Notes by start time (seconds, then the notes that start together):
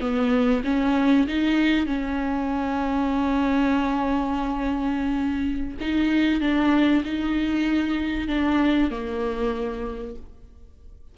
0.00 B3
0.64 C#4
1.28 D#4
1.86 C#4
5.81 D#4
6.41 D4
7.04 D#4
8.28 D4
8.90 A#3